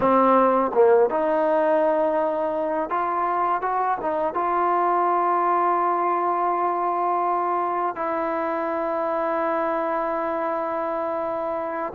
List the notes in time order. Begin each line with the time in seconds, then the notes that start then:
0.00 C4
0.74 A#3
1.10 D#4
2.89 F4
3.61 F#4
4.01 D#4
4.34 F4
7.95 E4